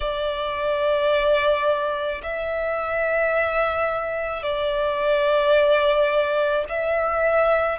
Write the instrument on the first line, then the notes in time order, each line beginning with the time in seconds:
violin
0.00 D5
2.22 E5
4.42 D5
6.68 E5